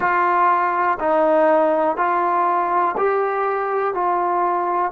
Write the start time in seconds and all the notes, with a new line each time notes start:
0.00 F4
0.99 D#4
1.96 F4
2.97 G4
3.93 F4